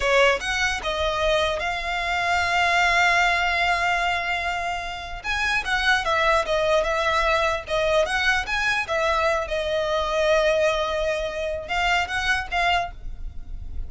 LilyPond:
\new Staff \with { instrumentName = "violin" } { \time 4/4 \tempo 4 = 149 cis''4 fis''4 dis''2 | f''1~ | f''1~ | f''4 gis''4 fis''4 e''4 |
dis''4 e''2 dis''4 | fis''4 gis''4 e''4. dis''8~ | dis''1~ | dis''4 f''4 fis''4 f''4 | }